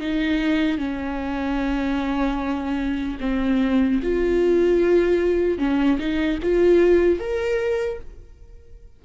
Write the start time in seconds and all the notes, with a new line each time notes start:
0.00 D#4
0.77 C#4
3.20 C4
4.02 F4
5.58 C#4
5.99 D#4
6.43 F4
7.19 A#4